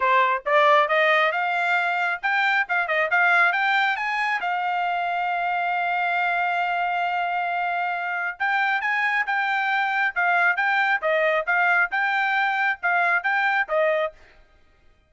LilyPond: \new Staff \with { instrumentName = "trumpet" } { \time 4/4 \tempo 4 = 136 c''4 d''4 dis''4 f''4~ | f''4 g''4 f''8 dis''8 f''4 | g''4 gis''4 f''2~ | f''1~ |
f''2. g''4 | gis''4 g''2 f''4 | g''4 dis''4 f''4 g''4~ | g''4 f''4 g''4 dis''4 | }